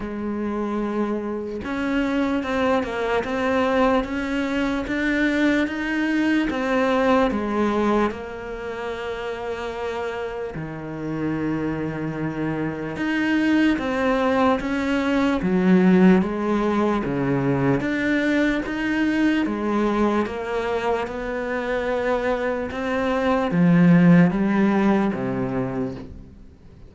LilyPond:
\new Staff \with { instrumentName = "cello" } { \time 4/4 \tempo 4 = 74 gis2 cis'4 c'8 ais8 | c'4 cis'4 d'4 dis'4 | c'4 gis4 ais2~ | ais4 dis2. |
dis'4 c'4 cis'4 fis4 | gis4 cis4 d'4 dis'4 | gis4 ais4 b2 | c'4 f4 g4 c4 | }